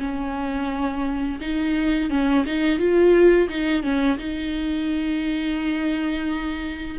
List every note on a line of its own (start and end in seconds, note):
0.00 1.40 C#4
1.41 2.10 D#4
2.10 2.45 C#4
2.46 2.79 D#4
2.79 3.49 F4
3.49 3.83 D#4
3.83 4.18 C#4
4.18 6.97 D#4